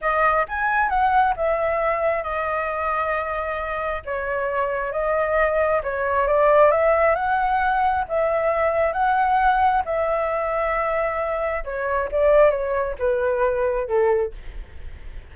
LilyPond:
\new Staff \with { instrumentName = "flute" } { \time 4/4 \tempo 4 = 134 dis''4 gis''4 fis''4 e''4~ | e''4 dis''2.~ | dis''4 cis''2 dis''4~ | dis''4 cis''4 d''4 e''4 |
fis''2 e''2 | fis''2 e''2~ | e''2 cis''4 d''4 | cis''4 b'2 a'4 | }